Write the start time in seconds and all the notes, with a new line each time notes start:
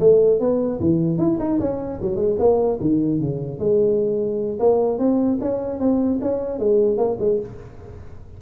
0.00 A3
0.40 B3
0.80 E3
1.18 E4
1.40 D#4
1.60 C#4
2.02 F#3
2.16 G#3
2.39 A#3
2.81 D#3
3.20 C#3
3.59 G#3
4.59 A#3
4.99 C4
5.41 C#4
5.80 C4
6.21 C#4
6.59 G#3
6.97 A#3
7.19 G#3